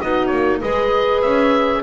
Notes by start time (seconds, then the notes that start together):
0.00 B3 D#4 F#4 D#5
0.27 A#3 C#5
0.60 G#3 G#4 B4 D#5
1.22 C#4 E5